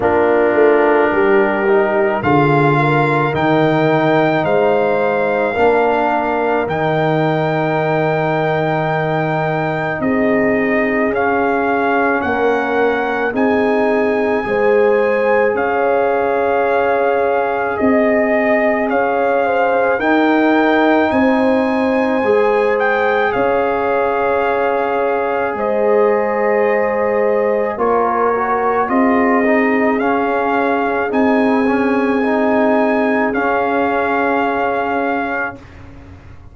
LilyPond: <<
  \new Staff \with { instrumentName = "trumpet" } { \time 4/4 \tempo 4 = 54 ais'2 f''4 g''4 | f''2 g''2~ | g''4 dis''4 f''4 fis''4 | gis''2 f''2 |
dis''4 f''4 g''4 gis''4~ | gis''8 g''8 f''2 dis''4~ | dis''4 cis''4 dis''4 f''4 | gis''2 f''2 | }
  \new Staff \with { instrumentName = "horn" } { \time 4/4 f'4 g'4 gis'8 ais'4. | c''4 ais'2.~ | ais'4 gis'2 ais'4 | gis'4 c''4 cis''2 |
dis''4 cis''8 c''8 ais'4 c''4~ | c''4 cis''2 c''4~ | c''4 ais'4 gis'2~ | gis'1 | }
  \new Staff \with { instrumentName = "trombone" } { \time 4/4 d'4. dis'8 f'4 dis'4~ | dis'4 d'4 dis'2~ | dis'2 cis'2 | dis'4 gis'2.~ |
gis'2 dis'2 | gis'1~ | gis'4 f'8 fis'8 f'8 dis'8 cis'4 | dis'8 cis'8 dis'4 cis'2 | }
  \new Staff \with { instrumentName = "tuba" } { \time 4/4 ais8 a8 g4 d4 dis4 | gis4 ais4 dis2~ | dis4 c'4 cis'4 ais4 | c'4 gis4 cis'2 |
c'4 cis'4 dis'4 c'4 | gis4 cis'2 gis4~ | gis4 ais4 c'4 cis'4 | c'2 cis'2 | }
>>